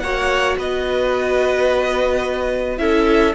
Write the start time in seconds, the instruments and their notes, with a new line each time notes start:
0.00 cello A#3, viola F#4, violin C#5 F#5
0.58 cello B3, violin B4 D#5
2.78 cello C#4, viola E4, violin A4 E5